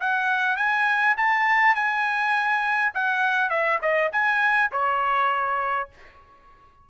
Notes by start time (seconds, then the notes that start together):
0.00 F#5
0.56 G#5
1.17 A5
1.75 G#5
2.94 F#5
3.49 E5
3.82 D#5
4.12 G#5
4.71 C#5